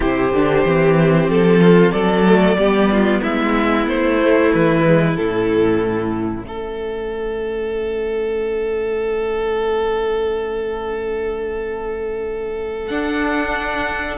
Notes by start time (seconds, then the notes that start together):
0.00 C3 E4 G4 C5
0.32 D3 D4
0.64 E3 C4
1.28 F3 A4
1.60 F4
1.91 F#3 A4 D5
2.24 A3
2.55 G3 B3 G4
2.92 F4
3.21 G#3 E4 E5
3.86 A3 C5
4.19 A3
4.53 E3 B4
4.84 G#3
5.16 A2 C#4 A4
6.44 A3 A4 E5
12.88 D4 F#5